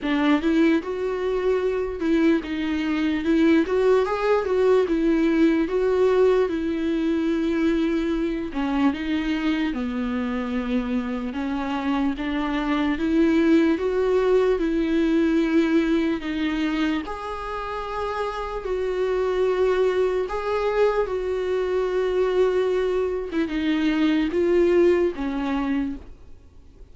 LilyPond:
\new Staff \with { instrumentName = "viola" } { \time 4/4 \tempo 4 = 74 d'8 e'8 fis'4. e'8 dis'4 | e'8 fis'8 gis'8 fis'8 e'4 fis'4 | e'2~ e'8 cis'8 dis'4 | b2 cis'4 d'4 |
e'4 fis'4 e'2 | dis'4 gis'2 fis'4~ | fis'4 gis'4 fis'2~ | fis'8. e'16 dis'4 f'4 cis'4 | }